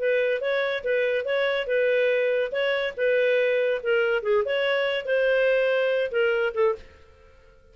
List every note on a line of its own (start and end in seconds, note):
0.00 0.41 B4
0.41 0.84 C#5
0.84 1.25 B4
1.25 1.67 C#5
1.67 2.52 B4
2.52 2.94 C#5
2.98 3.82 B4
3.83 4.23 A#4
4.23 4.44 G#4
4.46 5.06 C#5
5.06 6.12 C5
6.12 6.54 A#4
6.55 6.76 A4